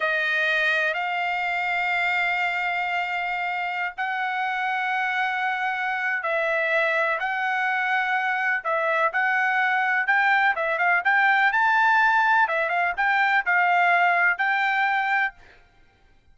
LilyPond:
\new Staff \with { instrumentName = "trumpet" } { \time 4/4 \tempo 4 = 125 dis''2 f''2~ | f''1~ | f''16 fis''2.~ fis''8.~ | fis''4 e''2 fis''4~ |
fis''2 e''4 fis''4~ | fis''4 g''4 e''8 f''8 g''4 | a''2 e''8 f''8 g''4 | f''2 g''2 | }